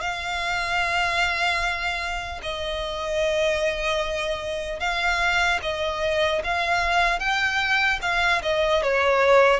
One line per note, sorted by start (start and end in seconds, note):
0.00 2.40 F5
2.42 4.79 D#5
4.79 5.59 F5
5.62 6.42 D#5
6.43 7.19 F5
7.19 7.99 G5
8.01 8.41 F5
8.42 8.82 D#5
8.82 9.60 C#5